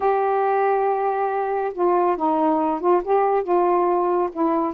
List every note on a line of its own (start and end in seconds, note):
0.00 1.72 G4
1.73 2.16 F4
2.16 2.80 D#4
2.80 3.01 F4
3.03 3.43 G4
3.43 4.29 F4
4.32 4.73 E4